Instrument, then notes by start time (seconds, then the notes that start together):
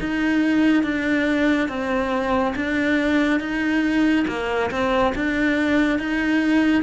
cello
0.00 D#4
0.83 D4
1.68 C4
2.56 D4
3.40 D#4
4.27 A#3
4.71 C4
5.15 D4
5.99 D#4